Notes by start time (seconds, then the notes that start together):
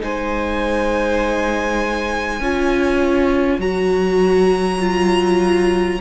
0.00 G#3 D#4 C5 G#5
2.40 C#4 F4 C#5
3.58 F#3 F#4 A#5
4.79 F4